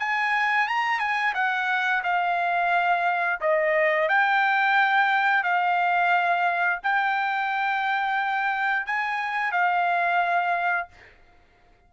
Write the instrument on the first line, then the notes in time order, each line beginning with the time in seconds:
trumpet
0.00 G#5
0.68 A#5
0.99 G#5
1.35 F#5
2.04 F5
3.41 D#5
4.09 G5
5.44 F5
6.83 G5
8.86 G#5
9.52 F5